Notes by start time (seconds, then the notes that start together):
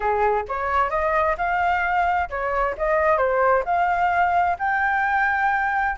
0.00 G#4
0.48 C#5
0.90 D#5
1.37 F5
2.29 C#5
2.77 D#5
3.17 C5
3.65 F5
4.59 G5